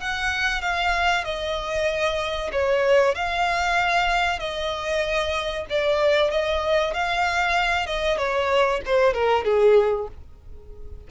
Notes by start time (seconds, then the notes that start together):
0.00 F#5
0.61 F5
1.24 D#5
2.52 C#5
3.15 F5
4.39 D#5
5.70 D5
6.31 D#5
6.94 F5
7.86 D#5
8.18 C#5
8.85 C5
9.13 A#4
9.44 G#4